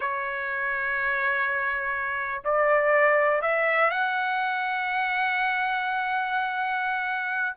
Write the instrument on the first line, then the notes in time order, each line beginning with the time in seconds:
trumpet
0.00 C#5
2.44 D5
3.41 E5
3.90 F#5